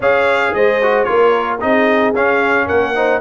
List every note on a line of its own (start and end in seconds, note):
0.00 0.53 C#4
0.00 0.82 G#4
0.00 0.53 C#5
0.00 0.54 F5
0.54 1.07 G#3
0.54 1.08 C5
0.54 1.04 D#5
0.82 1.05 F#4
1.04 1.63 A#3
1.04 1.59 F4
1.04 1.62 A#4
1.04 1.57 C#5
1.60 2.13 C4
1.60 2.13 D#4
1.60 2.66 G#4
1.60 2.14 D#5
2.13 2.67 C#4
2.13 2.95 C#4
2.13 2.68 F5
2.66 3.20 A#3
2.66 2.93 A#4
2.66 3.20 F#5
2.95 3.20 D#4
2.95 3.20 C5